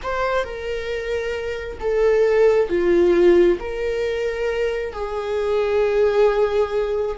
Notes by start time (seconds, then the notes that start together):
0.02 C5
0.44 A#4
1.80 A4
2.68 F4
3.59 A#4
4.93 G#4